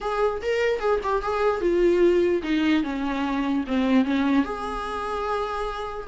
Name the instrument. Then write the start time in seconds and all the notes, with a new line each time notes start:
viola
0.01 G#4
0.42 A#4
0.79 G#4
1.03 G4
1.22 G#4
1.61 F4
2.42 D#4
2.83 C#4
3.67 C4
4.04 C#4
4.45 G#4